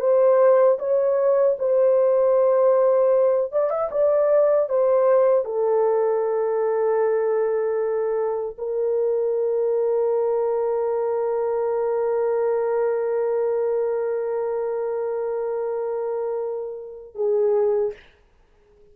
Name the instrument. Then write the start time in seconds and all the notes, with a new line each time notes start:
horn
0.00 C5
0.79 C#5
1.59 C5
3.52 D5
3.70 E5
3.91 D5
4.69 C5
5.45 A4
8.58 A#4
17.15 G#4